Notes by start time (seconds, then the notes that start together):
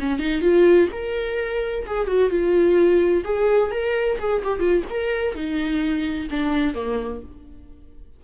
0.00 C#4
0.20 D#4
0.42 F4
0.92 A#4
1.87 G#4
2.08 F#4
2.31 F4
3.25 G#4
3.72 A#4
4.19 G#4
4.44 G4
4.60 F4
4.90 A#4
5.35 D#4
6.31 D4
6.75 A#3